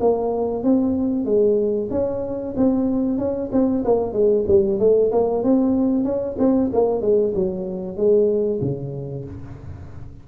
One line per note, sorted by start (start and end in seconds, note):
0.00 0.63 A#3
0.63 1.25 C4
1.25 1.89 G#3
1.90 2.54 C#4
2.56 3.18 C4
3.18 3.50 C#4
3.52 3.84 C4
3.85 4.13 A#3
4.13 4.45 G#3
4.47 4.79 G3
4.79 5.11 A3
5.12 5.43 A#3
5.43 6.04 C4
6.04 6.36 C#4
6.39 6.71 C4
6.73 7.01 A#3
7.01 7.33 G#3
7.34 7.96 F#3
7.96 8.60 G#3
8.61 9.25 C#3